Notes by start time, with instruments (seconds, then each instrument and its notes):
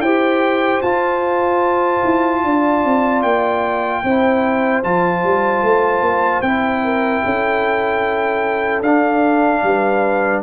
0.00 tuba E4, trombone G4, horn C5, trumpet G5
0.82 tuba F4, trombone F4, trumpet A5
2.04 tuba E4
2.44 tuba D4, horn D5
2.84 tuba C4
3.22 tuba A#3, trumpet G5
4.03 tuba C4, trombone E4, horn C5
4.83 tuba F3, trombone F4, trumpet A5
5.23 tuba G3
5.62 tuba A3
6.01 tuba A#3
6.41 tuba C4, trombone E4, trumpet G5
6.83 horn A#4
7.24 tuba C#4, horn A4
8.82 tuba D4, trombone D4, trumpet F5
9.62 tuba G3, horn B4